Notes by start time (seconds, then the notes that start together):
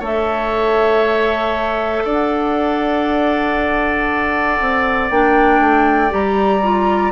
0.00 A3 A4 C#5 E5
2.05 D4 D5 F#5
4.60 C4
5.10 A#3 D4 G5
5.60 A3
6.10 G3 G4 A#5
6.63 F4